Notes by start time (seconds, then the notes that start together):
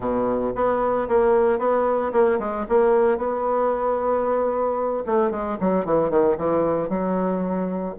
0.00 B2
0.55 B3
1.08 A#3
1.58 B3
2.12 A#3
2.39 G#3
2.68 A#3
3.17 B3
5.06 A3
5.30 G#3
5.60 F#3
5.85 E3
6.10 D#3
6.37 E3
6.89 F#3